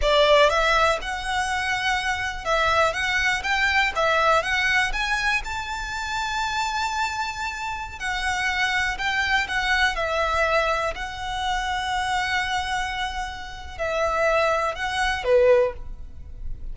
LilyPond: \new Staff \with { instrumentName = "violin" } { \time 4/4 \tempo 4 = 122 d''4 e''4 fis''2~ | fis''4 e''4 fis''4 g''4 | e''4 fis''4 gis''4 a''4~ | a''1~ |
a''16 fis''2 g''4 fis''8.~ | fis''16 e''2 fis''4.~ fis''16~ | fis''1 | e''2 fis''4 b'4 | }